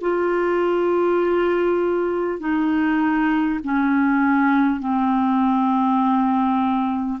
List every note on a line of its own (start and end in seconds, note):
0.00 2.39 F4
2.39 3.59 D#4
3.63 4.79 C#4
4.79 7.19 C4